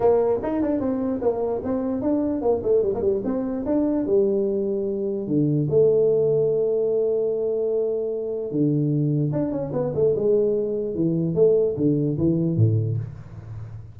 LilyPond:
\new Staff \with { instrumentName = "tuba" } { \time 4/4 \tempo 4 = 148 ais4 dis'8 d'8 c'4 ais4 | c'4 d'4 ais8 a8 g16 ais16 g8 | c'4 d'4 g2~ | g4 d4 a2~ |
a1~ | a4 d2 d'8 cis'8 | b8 a8 gis2 e4 | a4 d4 e4 a,4 | }